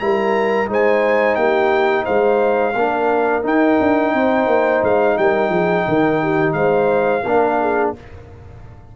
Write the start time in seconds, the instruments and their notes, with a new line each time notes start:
0.00 tuba G3, trombone E4, horn A#4, trumpet A#5
0.67 tuba G#3, trombone D#4, horn C5
0.73 trumpet G#5
1.36 tuba A#3, horn G4, trumpet G5
2.05 tuba G#3, horn C5, trumpet F5
2.76 tuba A#3, trombone D4, horn A#4
3.43 trombone D#4, tuba D#4, trumpet G5
3.81 tuba D4
4.14 tuba C4, horn C5
4.47 tuba A#3
4.83 tuba G#3, trumpet F5
5.18 tuba G3, horn A#4, trumpet G5
5.50 tuba F3, horn G#4
5.88 tuba D#3, horn A#4
6.23 horn G4
6.53 tuba G#3, horn C5, trumpet F5
7.24 tuba A#3, trombone D4, horn A#4
7.61 horn G#4